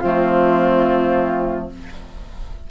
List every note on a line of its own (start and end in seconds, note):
0.00 1.70 F3
0.00 1.69 A3
0.00 1.68 C4
0.00 1.67 F4